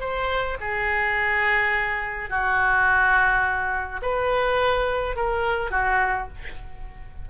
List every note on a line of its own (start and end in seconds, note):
0.00 0.57 C5
0.60 2.29 G#4
2.29 4.01 F#4
4.02 5.16 B4
5.16 5.71 A#4
5.71 6.28 F#4